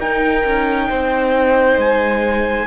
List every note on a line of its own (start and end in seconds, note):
0.00 0.45 D#4
0.00 2.67 D#4
0.00 0.90 A#4
0.00 1.80 G5
0.45 0.90 C#4
0.90 1.77 C4
0.90 2.67 C5
1.77 2.67 G#3
1.77 2.67 G#5